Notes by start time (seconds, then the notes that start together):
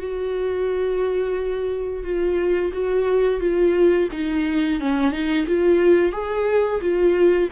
0.00 F#4
2.04 F4
2.73 F#4
3.41 F4
4.12 D#4
4.81 C#4
5.13 D#4
5.47 F4
6.13 G#4
6.81 F4